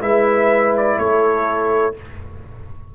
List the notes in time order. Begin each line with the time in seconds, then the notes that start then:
0.00 G#3 E4 B4 E5
0.76 D5
0.98 A3 A4 C#5